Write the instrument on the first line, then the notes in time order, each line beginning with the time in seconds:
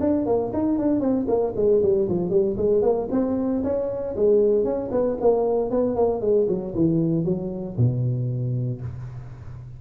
tuba
0.00 D4
0.26 A#3
0.53 D#4
0.78 D4
1.00 C4
1.28 A#3
1.56 G#3
1.82 G3
2.08 F3
2.30 G3
2.57 G#3
2.82 A#3
3.11 C4
3.63 C#4
4.16 G#3
4.64 C#4
4.91 B3
5.21 A#3
5.70 B3
5.95 A#3
6.21 G#3
6.48 F#3
6.75 E3
7.24 F#3
7.77 B2